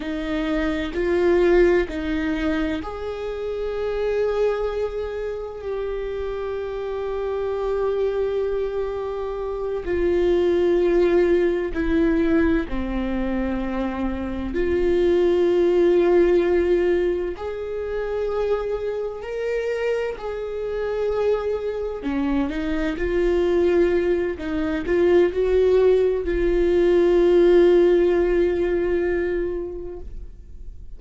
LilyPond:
\new Staff \with { instrumentName = "viola" } { \time 4/4 \tempo 4 = 64 dis'4 f'4 dis'4 gis'4~ | gis'2 g'2~ | g'2~ g'8 f'4.~ | f'8 e'4 c'2 f'8~ |
f'2~ f'8 gis'4.~ | gis'8 ais'4 gis'2 cis'8 | dis'8 f'4. dis'8 f'8 fis'4 | f'1 | }